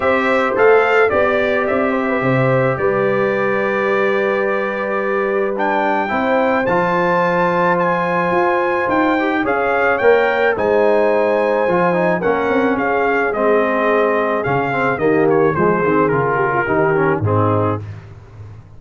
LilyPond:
<<
  \new Staff \with { instrumentName = "trumpet" } { \time 4/4 \tempo 4 = 108 e''4 f''4 d''4 e''4~ | e''4 d''2.~ | d''2 g''2 | a''2 gis''2 |
g''4 f''4 g''4 gis''4~ | gis''2 fis''4 f''4 | dis''2 f''4 dis''8 cis''8 | c''4 ais'2 gis'4 | }
  \new Staff \with { instrumentName = "horn" } { \time 4/4 c''2 d''4. c''16 b'16 | c''4 b'2.~ | b'2. c''4~ | c''1~ |
c''4 cis''2 c''4~ | c''2 ais'4 gis'4~ | gis'2. g'4 | gis'4. g'16 f'16 g'4 dis'4 | }
  \new Staff \with { instrumentName = "trombone" } { \time 4/4 g'4 a'4 g'2~ | g'1~ | g'2 d'4 e'4 | f'1~ |
f'8 g'8 gis'4 ais'4 dis'4~ | dis'4 f'8 dis'8 cis'2 | c'2 cis'8 c'8 ais4 | gis8 c'8 f'4 dis'8 cis'8 c'4 | }
  \new Staff \with { instrumentName = "tuba" } { \time 4/4 c'4 a4 b4 c'4 | c4 g2.~ | g2. c'4 | f2. f'4 |
dis'4 cis'4 ais4 gis4~ | gis4 f4 ais8 c'8 cis'4 | gis2 cis4 dis4 | f8 dis8 cis4 dis4 gis,4 | }
>>